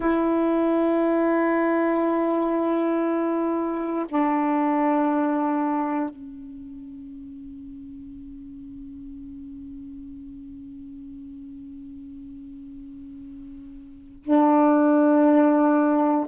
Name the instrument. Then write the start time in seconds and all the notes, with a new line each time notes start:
saxophone
0.00 E4
4.08 D4
6.09 C#4
14.23 D4